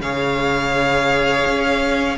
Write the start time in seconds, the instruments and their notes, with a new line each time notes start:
0.00 cello C#3, viola G#4, violin C#5 F5
1.46 cello C#4